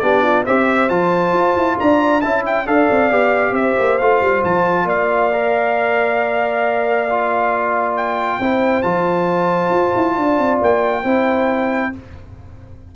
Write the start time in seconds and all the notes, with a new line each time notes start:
0.00 B3 D4 G4 D5
0.23 F4
0.44 C4 G4 C5 E5
0.90 F3 F4 A5
1.34 F4
1.56 E4
1.79 D4 D5 A#5
2.22 C#4 E4 E5 A5
2.46 G5
2.66 D4 A4 D5 F5
2.92 C4
3.11 B3 G4
3.52 C4 C5 E5
3.80 A#3
3.99 A3 F4 F5
4.22 G3
4.44 F3 A5
4.85 A#3 D5 F5
5.33 A#4
7.11 F4
7.97 G5
8.40 C4 E4 C5
8.83 F3 F4 A5
9.70 F4
9.96 E4
10.18 D4 D5
10.39 C4
10.62 A#3 G5
11.04 C4 E4 C5